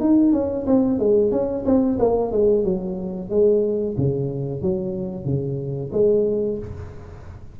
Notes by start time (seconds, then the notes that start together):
0.00 D#4
0.33 C#4
0.67 C4
0.99 G#3
1.32 C#4
1.65 C4
1.99 A#3
2.32 G#3
2.64 F#3
3.30 G#3
3.97 C#3
4.62 F#3
5.25 C#3
5.93 G#3